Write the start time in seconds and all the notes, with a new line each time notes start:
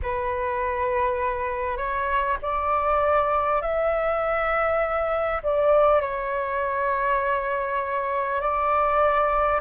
0.02 B4
1.77 C#5
2.42 D5
3.61 E5
5.43 D5
6.01 C#5
8.41 D5